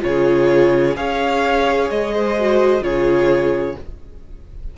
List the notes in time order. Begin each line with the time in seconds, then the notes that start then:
0.00 C#3 F4 C#5
0.06 G#4
0.96 C#4 G#4 C#5 F5
1.89 G#3 D#5
2.14 C5
2.38 F#4
2.81 C#3 F4 G#4 C#5